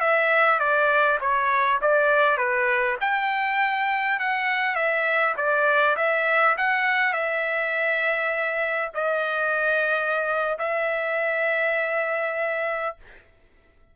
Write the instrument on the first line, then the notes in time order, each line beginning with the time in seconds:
trumpet
0.00 E5
0.59 D5
1.20 C#5
1.81 D5
2.37 B4
3.01 G5
4.19 F#5
4.75 E5
5.37 D5
5.96 E5
6.57 F#5
7.13 E5
8.94 D#5
10.59 E5